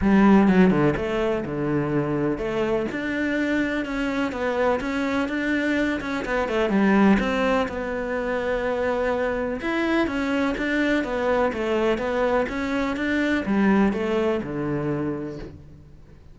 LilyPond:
\new Staff \with { instrumentName = "cello" } { \time 4/4 \tempo 4 = 125 g4 fis8 d8 a4 d4~ | d4 a4 d'2 | cis'4 b4 cis'4 d'4~ | d'8 cis'8 b8 a8 g4 c'4 |
b1 | e'4 cis'4 d'4 b4 | a4 b4 cis'4 d'4 | g4 a4 d2 | }